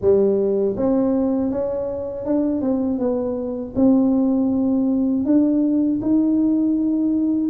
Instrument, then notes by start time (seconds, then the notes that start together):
tuba
0.01 G3
0.76 C4
1.50 C#4
2.25 D4
2.61 C4
2.98 B3
3.75 C4
5.25 D4
6.01 D#4